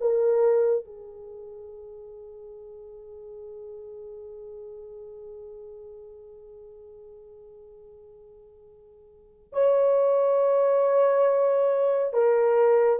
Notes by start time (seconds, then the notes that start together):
0.00 A#4
0.85 G#4
9.53 C#5
12.13 A#4